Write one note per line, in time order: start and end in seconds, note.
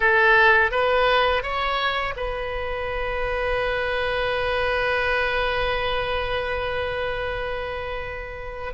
0.00 0.71 A4
0.71 1.42 B4
1.42 2.14 C#5
2.16 8.73 B4